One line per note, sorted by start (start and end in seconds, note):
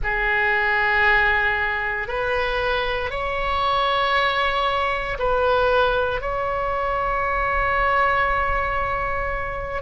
0.03 2.08 G#4
2.08 3.10 B4
3.10 5.17 C#5
5.18 6.21 B4
6.21 9.81 C#5